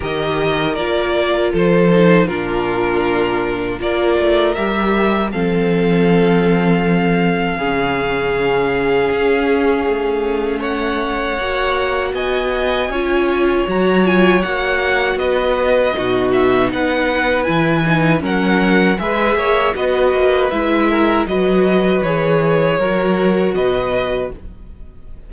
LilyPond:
<<
  \new Staff \with { instrumentName = "violin" } { \time 4/4 \tempo 4 = 79 dis''4 d''4 c''4 ais'4~ | ais'4 d''4 e''4 f''4~ | f''1~ | f''2 fis''2 |
gis''2 ais''8 gis''8 fis''4 | dis''4. e''8 fis''4 gis''4 | fis''4 e''4 dis''4 e''4 | dis''4 cis''2 dis''4 | }
  \new Staff \with { instrumentName = "violin" } { \time 4/4 ais'2 a'4 f'4~ | f'4 ais'2 a'4~ | a'2 gis'2~ | gis'2 cis''2 |
dis''4 cis''2. | b'4 fis'4 b'2 | ais'4 b'8 cis''8 b'4. ais'8 | b'2 ais'4 b'4 | }
  \new Staff \with { instrumentName = "viola" } { \time 4/4 g'4 f'4. dis'8 d'4~ | d'4 f'4 g'4 c'4~ | c'2 cis'2~ | cis'2. fis'4~ |
fis'4 f'4 fis'8 f'8 fis'4~ | fis'4 dis'2 e'8 dis'8 | cis'4 gis'4 fis'4 e'4 | fis'4 gis'4 fis'2 | }
  \new Staff \with { instrumentName = "cello" } { \time 4/4 dis4 ais4 f4 ais,4~ | ais,4 ais8 a8 g4 f4~ | f2 cis2 | cis'4 a2 ais4 |
b4 cis'4 fis4 ais4 | b4 b,4 b4 e4 | fis4 gis8 ais8 b8 ais8 gis4 | fis4 e4 fis4 b,4 | }
>>